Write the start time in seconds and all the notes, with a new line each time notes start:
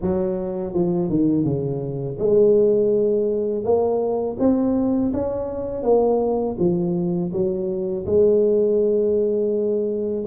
0.01 F#3
0.73 F3
1.09 D#3
1.44 C#3
2.19 G#3
3.64 A#3
4.39 C4
5.13 C#4
5.82 A#3
6.58 F3
7.32 F#3
8.06 G#3